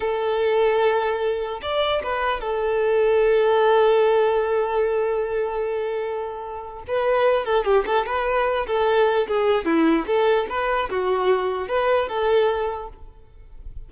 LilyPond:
\new Staff \with { instrumentName = "violin" } { \time 4/4 \tempo 4 = 149 a'1 | d''4 b'4 a'2~ | a'1~ | a'1~ |
a'4 b'4. a'8 g'8 a'8 | b'4. a'4. gis'4 | e'4 a'4 b'4 fis'4~ | fis'4 b'4 a'2 | }